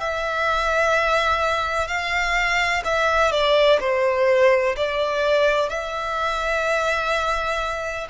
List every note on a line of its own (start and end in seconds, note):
0.00 1.87 E5
1.87 2.83 F5
2.84 3.32 E5
3.32 3.79 D5
3.80 4.75 C5
4.76 5.69 D5
5.69 8.07 E5